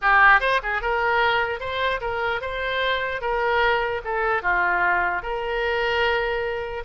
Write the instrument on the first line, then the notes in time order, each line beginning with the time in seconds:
oboe
0.01 G4
0.40 C5
0.63 G#4
0.81 A#4
1.60 C5
2.01 A#4
2.41 C5
3.21 A#4
4.04 A4
4.42 F4
5.22 A#4